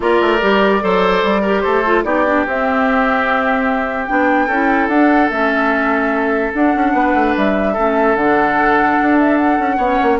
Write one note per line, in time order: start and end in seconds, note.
0.00 0.20 A#3
0.00 0.39 F4
0.00 0.83 A#4
0.00 1.61 D5
0.20 0.41 A3
0.40 0.82 G3
0.40 0.80 G4
0.80 1.23 F#3
0.80 1.41 A4
0.80 1.41 C5
1.23 1.63 G3
1.41 1.85 G4
1.41 1.62 A#4
1.61 2.04 A3
1.61 2.04 A4
1.61 2.02 C5
1.85 2.05 F4
2.04 2.45 B3
2.04 2.25 D#4
2.04 4.46 G4
2.04 2.45 D5
2.26 2.46 D4
2.46 4.09 C4
2.46 4.07 C4
2.46 4.05 E5
4.05 4.48 B3
4.05 4.48 D4
4.05 4.87 G5
4.46 4.87 C#4
4.46 4.91 E4
4.46 6.91 A4
4.87 5.28 D4
4.87 5.31 D4
4.87 5.29 F#5
5.30 6.52 A3
5.30 6.53 C#4
5.30 6.52 E5
6.53 7.76 D4
6.53 6.75 D4
6.53 7.36 F#5
6.75 6.93 C#4
6.93 7.13 B3
6.93 7.73 B4
7.14 7.34 A3
7.36 7.77 G3
7.36 8.16 E5
7.73 8.15 A3
7.73 8.17 C#4
7.73 9.76 A4
8.15 8.97 D3
8.15 9.80 D4
8.15 9.18 F#5
9.01 9.58 D4
9.18 9.37 E5
9.37 10.18 F#5
9.58 9.77 C#4
9.76 9.97 B3
9.76 10.19 C#4
9.76 10.17 C#5
10.02 10.19 A#3